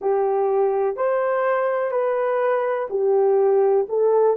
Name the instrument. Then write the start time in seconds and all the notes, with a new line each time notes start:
horn
0.00 G4
0.96 C5
1.91 B4
2.90 G4
3.88 A4